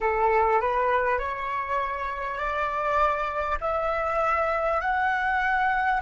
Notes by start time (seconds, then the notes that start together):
0.00 A4
0.60 B4
1.18 C#5
2.37 D5
3.60 E5
4.81 F#5